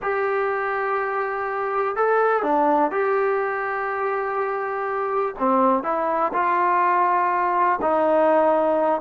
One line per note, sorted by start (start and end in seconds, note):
0.02 1.96 G4
1.96 2.43 A4
2.43 2.91 D4
2.91 5.35 G4
5.39 5.83 C4
5.83 6.31 E4
6.33 7.79 F4
7.81 9.01 D#4